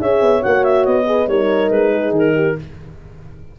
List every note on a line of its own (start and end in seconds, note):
0.00 0.22 C#4
0.00 0.41 G#4
0.00 1.08 C#5
0.00 0.43 E5
0.22 0.43 B3
0.41 0.87 A#3
0.41 1.05 F#4
0.41 0.64 F#5
0.64 0.85 E5
0.85 1.28 B3
0.85 1.28 D#5
1.06 1.28 G#4
1.06 1.30 B4
1.28 1.71 G3
1.28 2.57 D#4
1.28 1.93 A#4
1.28 1.70 C#5
1.71 2.11 G#3
1.71 2.13 B4
1.93 2.35 G#4
2.11 2.54 D#3
2.11 2.59 A#4
2.35 2.56 G4